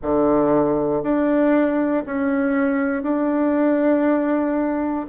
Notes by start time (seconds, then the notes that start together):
0.02 D3
1.02 D4
2.05 C#4
3.02 D4